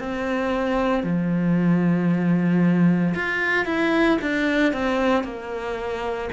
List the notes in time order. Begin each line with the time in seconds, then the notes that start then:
0.00 C4
1.04 F3
3.15 F4
3.66 E4
4.22 D4
4.74 C4
5.24 A#3